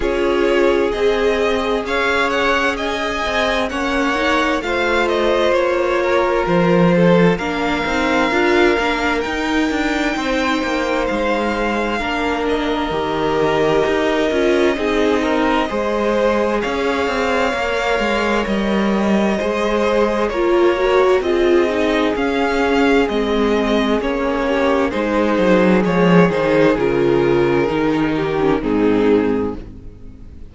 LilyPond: <<
  \new Staff \with { instrumentName = "violin" } { \time 4/4 \tempo 4 = 65 cis''4 dis''4 f''8 fis''8 gis''4 | fis''4 f''8 dis''8 cis''4 c''4 | f''2 g''2 | f''4. dis''2~ dis''8~ |
dis''2 f''2 | dis''2 cis''4 dis''4 | f''4 dis''4 cis''4 c''4 | cis''8 c''8 ais'2 gis'4 | }
  \new Staff \with { instrumentName = "violin" } { \time 4/4 gis'2 cis''4 dis''4 | cis''4 c''4. ais'4 a'8 | ais'2. c''4~ | c''4 ais'2. |
gis'8 ais'8 c''4 cis''2~ | cis''4 c''4 ais'4 gis'4~ | gis'2~ gis'8 g'8 gis'4~ | gis'2~ gis'8 g'8 dis'4 | }
  \new Staff \with { instrumentName = "viola" } { \time 4/4 f'4 gis'2. | cis'8 dis'8 f'2. | d'8 dis'8 f'8 d'8 dis'2~ | dis'4 d'4 g'4. f'8 |
dis'4 gis'2 ais'4~ | ais'4 gis'4 f'8 fis'8 f'8 dis'8 | cis'4 c'4 cis'4 dis'4 | gis8 dis'8 f'4 dis'8. cis'16 c'4 | }
  \new Staff \with { instrumentName = "cello" } { \time 4/4 cis'4 c'4 cis'4. c'8 | ais4 a4 ais4 f4 | ais8 c'8 d'8 ais8 dis'8 d'8 c'8 ais8 | gis4 ais4 dis4 dis'8 cis'8 |
c'4 gis4 cis'8 c'8 ais8 gis8 | g4 gis4 ais4 c'4 | cis'4 gis4 ais4 gis8 fis8 | f8 dis8 cis4 dis4 gis,4 | }
>>